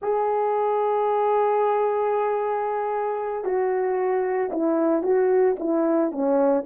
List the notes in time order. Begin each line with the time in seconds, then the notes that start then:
0.01 G#4
3.44 F#4
4.52 E4
5.02 F#4
5.59 E4
6.11 C#4